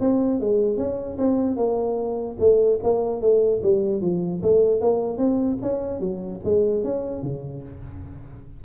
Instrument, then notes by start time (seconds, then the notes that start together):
tuba
0.00 C4
0.40 G#3
0.77 C#4
1.18 C4
1.56 A#3
2.40 A3
2.83 A#3
3.21 A3
3.63 G3
4.01 F3
4.42 A3
4.81 A#3
5.18 C4
5.62 C#4
6.00 F#3
6.44 G#3
6.84 C#4
7.23 C#3